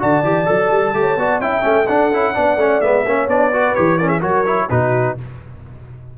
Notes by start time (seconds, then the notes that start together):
0.00 D3 F#4 D5 A5
0.24 E3 G4
0.46 F#3 A4
0.71 G3
0.94 A3 G4 C#5
1.17 B3 F#4 D5
1.40 C#4 E4 E5 G5
1.62 A3 C#4
1.87 D4 A4 F#5
2.13 C#4 E4
2.34 B3 D4 D5
2.57 A3 C#4
2.81 G#3 B3 E5
3.06 A#3 C#4 C#5
3.28 B3 D4 D5
3.53 F#4 B4
3.75 E3 G4 C#5
3.99 C#4 A#4 D5
4.08 G#4 E5
4.20 F#3 F#4 A#4 C#5
4.46 E4
4.70 B2 D#4 F#4 B4